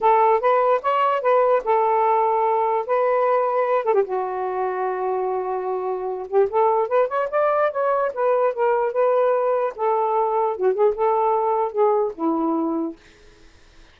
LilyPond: \new Staff \with { instrumentName = "saxophone" } { \time 4/4 \tempo 4 = 148 a'4 b'4 cis''4 b'4 | a'2. b'4~ | b'4. a'16 g'16 fis'2~ | fis'2.~ fis'8 g'8 |
a'4 b'8 cis''8 d''4 cis''4 | b'4 ais'4 b'2 | a'2 fis'8 gis'8 a'4~ | a'4 gis'4 e'2 | }